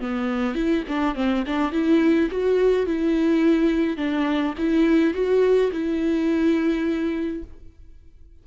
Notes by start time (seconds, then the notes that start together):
0.00 B3
0.55 E4
0.88 D4
1.15 C4
1.46 D4
1.72 E4
2.30 F#4
2.86 E4
3.97 D4
4.57 E4
5.14 F#4
5.71 E4